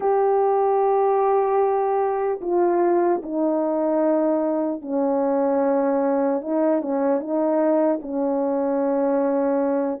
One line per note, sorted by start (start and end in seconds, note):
0.00 2.40 G4
2.41 3.21 F4
3.22 4.81 D#4
4.81 6.41 C#4
6.41 6.81 D#4
6.81 7.20 C#4
7.20 8.00 D#4
8.01 10.00 C#4